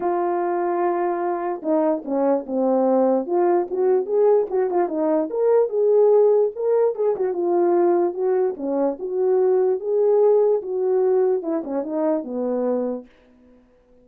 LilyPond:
\new Staff \with { instrumentName = "horn" } { \time 4/4 \tempo 4 = 147 f'1 | dis'4 cis'4 c'2 | f'4 fis'4 gis'4 fis'8 f'8 | dis'4 ais'4 gis'2 |
ais'4 gis'8 fis'8 f'2 | fis'4 cis'4 fis'2 | gis'2 fis'2 | e'8 cis'8 dis'4 b2 | }